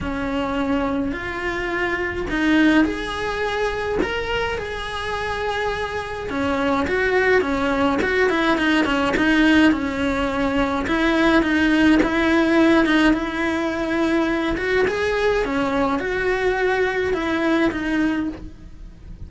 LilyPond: \new Staff \with { instrumentName = "cello" } { \time 4/4 \tempo 4 = 105 cis'2 f'2 | dis'4 gis'2 ais'4 | gis'2. cis'4 | fis'4 cis'4 fis'8 e'8 dis'8 cis'8 |
dis'4 cis'2 e'4 | dis'4 e'4. dis'8 e'4~ | e'4. fis'8 gis'4 cis'4 | fis'2 e'4 dis'4 | }